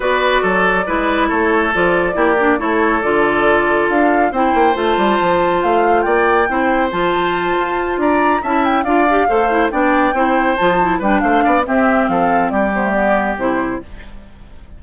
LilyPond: <<
  \new Staff \with { instrumentName = "flute" } { \time 4/4 \tempo 4 = 139 d''2. cis''4 | d''2 cis''4 d''4~ | d''4 f''4 g''4 a''4~ | a''4 f''4 g''2 |
a''2~ a''8 ais''4 a''8 | g''8 f''2 g''4.~ | g''8 a''4 g''8 f''4 e''4 | f''4 d''8 c''8 d''4 c''4 | }
  \new Staff \with { instrumentName = "oboe" } { \time 4/4 b'4 a'4 b'4 a'4~ | a'4 g'4 a'2~ | a'2 c''2~ | c''2 d''4 c''4~ |
c''2~ c''8 d''4 e''8~ | e''8 d''4 c''4 d''4 c''8~ | c''4. b'8 c''8 d''8 g'4 | a'4 g'2. | }
  \new Staff \with { instrumentName = "clarinet" } { \time 4/4 fis'2 e'2 | f'4 e'8 d'8 e'4 f'4~ | f'2 e'4 f'4~ | f'2. e'4 |
f'2.~ f'8 e'8~ | e'8 f'8 g'8 a'8 e'8 d'4 e'8~ | e'8 f'8 e'8 d'4. c'4~ | c'4. b16 a16 b4 e'4 | }
  \new Staff \with { instrumentName = "bassoon" } { \time 4/4 b4 fis4 gis4 a4 | f4 ais4 a4 d4~ | d4 d'4 c'8 ais8 a8 g8 | f4 a4 ais4 c'4 |
f4. f'4 d'4 cis'8~ | cis'8 d'4 a4 b4 c'8~ | c'8 f4 g8 a8 b8 c'4 | f4 g2 c4 | }
>>